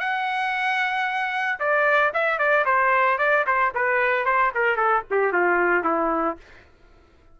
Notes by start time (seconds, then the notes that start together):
0.00 F#5
1.60 D5
2.14 E5
2.39 D5
2.65 C5
3.19 D5
3.47 C5
3.75 B4
4.25 C5
4.55 A#4
4.77 A4
5.11 G4
5.33 F4
5.84 E4